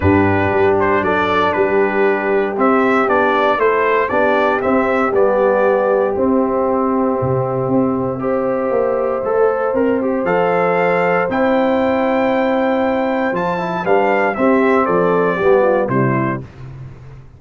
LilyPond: <<
  \new Staff \with { instrumentName = "trumpet" } { \time 4/4 \tempo 4 = 117 b'4. c''8 d''4 b'4~ | b'4 e''4 d''4 c''4 | d''4 e''4 d''2 | e''1~ |
e''1 | f''2 g''2~ | g''2 a''4 f''4 | e''4 d''2 c''4 | }
  \new Staff \with { instrumentName = "horn" } { \time 4/4 g'2 a'4 g'4~ | g'2. a'4 | g'1~ | g'1 |
c''1~ | c''1~ | c''2. b'4 | g'4 a'4 g'8 f'8 e'4 | }
  \new Staff \with { instrumentName = "trombone" } { \time 4/4 d'1~ | d'4 c'4 d'4 e'4 | d'4 c'4 b2 | c'1 |
g'2 a'4 ais'8 g'8 | a'2 e'2~ | e'2 f'8 e'8 d'4 | c'2 b4 g4 | }
  \new Staff \with { instrumentName = "tuba" } { \time 4/4 g,4 g4 fis4 g4~ | g4 c'4 b4 a4 | b4 c'4 g2 | c'2 c4 c'4~ |
c'4 ais4 a4 c'4 | f2 c'2~ | c'2 f4 g4 | c'4 f4 g4 c4 | }
>>